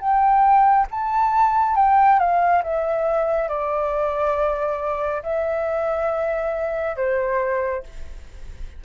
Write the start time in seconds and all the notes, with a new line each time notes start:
0.00 G5
0.91 A5
1.76 G5
2.19 F5
2.63 E5
3.48 D5
5.23 E5
6.96 C5